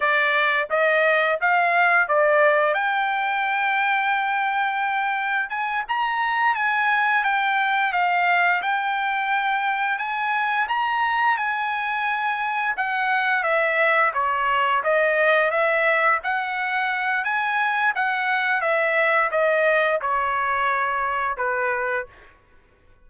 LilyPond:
\new Staff \with { instrumentName = "trumpet" } { \time 4/4 \tempo 4 = 87 d''4 dis''4 f''4 d''4 | g''1 | gis''8 ais''4 gis''4 g''4 f''8~ | f''8 g''2 gis''4 ais''8~ |
ais''8 gis''2 fis''4 e''8~ | e''8 cis''4 dis''4 e''4 fis''8~ | fis''4 gis''4 fis''4 e''4 | dis''4 cis''2 b'4 | }